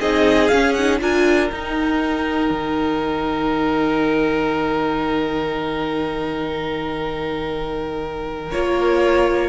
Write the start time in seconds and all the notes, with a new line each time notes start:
0.00 C4 D#4 G#4 D#5
0.48 C#4 F5
0.73 D#4 F#5
1.00 D4 F4 A#4 G#5
1.50 D#4 G5
2.50 D#3
8.51 A#3 F4 C#5